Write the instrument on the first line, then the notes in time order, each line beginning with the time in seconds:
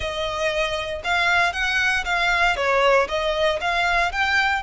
violin
0.00 D#5
1.03 F5
1.52 F#5
2.05 F5
2.56 C#5
3.08 D#5
3.60 F5
4.12 G5